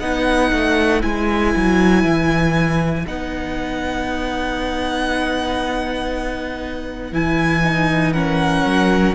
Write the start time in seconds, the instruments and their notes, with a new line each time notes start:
0.00 cello B3, viola D#4, violin B4 F#5
0.52 cello A3
1.01 cello G#3, viola E4, violin G#5
1.56 cello F#3
2.03 cello E3
3.06 cello B3, viola D#4, violin F#5
7.12 cello E3, viola E4, violin G#5
7.64 viola D#4
8.13 viola C#4, violin A#4 F#5
8.65 cello F#3